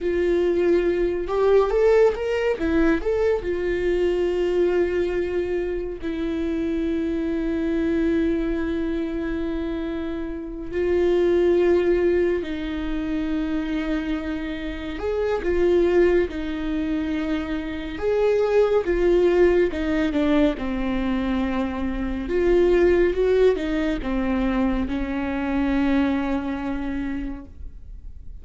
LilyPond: \new Staff \with { instrumentName = "viola" } { \time 4/4 \tempo 4 = 70 f'4. g'8 a'8 ais'8 e'8 a'8 | f'2. e'4~ | e'1~ | e'8 f'2 dis'4.~ |
dis'4. gis'8 f'4 dis'4~ | dis'4 gis'4 f'4 dis'8 d'8 | c'2 f'4 fis'8 dis'8 | c'4 cis'2. | }